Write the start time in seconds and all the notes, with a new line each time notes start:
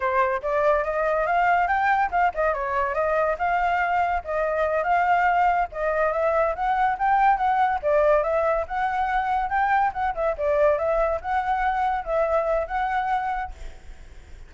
0.00 C5
0.42 D5
0.84 D#5
1.26 F5
1.67 G5
2.11 F5
2.34 D#5
2.54 C#5
2.94 D#5
3.38 F5
4.24 D#5
4.83 F5
5.72 D#5
6.12 E5
6.55 F#5
6.98 G5
7.37 F#5
7.82 D5
8.23 E5
8.67 F#5
9.49 G5
9.93 F#5
10.14 E5
10.37 D5
10.78 E5
11.21 F#5
12.04 E5
12.67 F#5